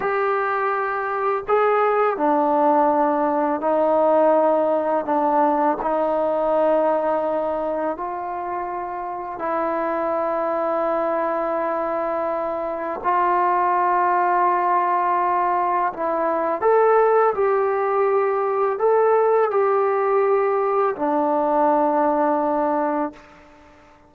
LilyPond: \new Staff \with { instrumentName = "trombone" } { \time 4/4 \tempo 4 = 83 g'2 gis'4 d'4~ | d'4 dis'2 d'4 | dis'2. f'4~ | f'4 e'2.~ |
e'2 f'2~ | f'2 e'4 a'4 | g'2 a'4 g'4~ | g'4 d'2. | }